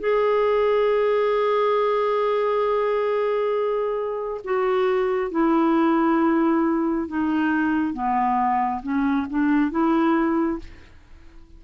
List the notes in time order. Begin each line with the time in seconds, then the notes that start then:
0.00 G#4
4.44 F#4
5.31 E4
7.08 D#4
7.94 B3
8.83 C#4
9.30 D4
9.71 E4